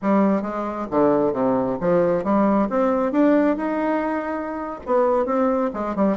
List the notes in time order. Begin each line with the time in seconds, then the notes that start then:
0.01 G3
0.42 G#3
0.90 D3
1.32 C3
1.80 F3
2.23 G3
2.69 C4
3.12 D4
3.56 D#4
4.86 B3
5.25 C4
5.73 G#3
5.95 G3